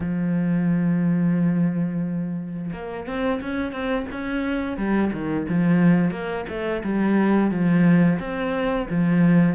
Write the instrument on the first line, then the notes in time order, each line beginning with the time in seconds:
cello
0.00 F3
2.72 A#3
3.07 C4
3.41 C#4
3.72 C4
4.11 C#4
4.77 G3
5.13 D#3
5.48 F3
6.11 A#3
6.48 A3
6.83 G3
7.50 F3
8.19 C4
8.90 F3